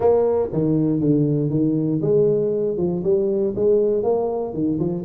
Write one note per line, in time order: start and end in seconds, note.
0.00 0.49 A#3
0.52 1.00 D#3
1.00 1.50 D3
1.50 2.00 D#3
2.01 2.77 G#3
2.77 3.02 F3
3.03 3.53 G3
3.55 4.03 G#3
4.03 4.53 A#3
4.53 4.79 D#3
4.79 5.04 F3